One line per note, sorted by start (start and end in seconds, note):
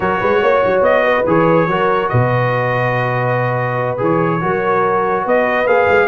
0.00 0.20 F#3
0.00 1.25 F#4
0.00 0.20 A#4
0.00 0.82 C#5
0.20 0.42 G#3
0.20 0.41 B4
0.41 0.63 A#3
0.41 1.04 C#5
0.65 0.81 F#3
0.81 1.23 B3
0.81 1.25 D#5
1.04 1.67 B4
1.26 1.67 E3
1.26 1.68 G#4
1.26 2.09 C#5
1.67 2.09 F#3
1.67 3.97 F#4
1.67 2.10 A#4
2.09 4.00 B2
2.09 4.41 B4
2.09 3.97 D#5
3.97 4.42 E3
3.97 4.39 G#4
3.97 5.27 C#5
4.40 5.25 F#3
4.40 5.66 F#4
4.40 5.23 A#4
5.23 5.65 B3
5.23 6.07 B4
5.23 5.67 D#5
5.65 5.86 A#3
5.65 6.08 G#4
5.65 6.08 F5
5.90 6.08 G#3